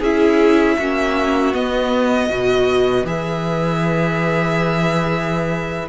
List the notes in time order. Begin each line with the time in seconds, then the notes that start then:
0.00 C#4 E4 G#4 E5
0.78 A#3 C#4 F#4
1.54 B3 D#5
2.29 B2 F#4 B4
3.04 E3 G#4 E5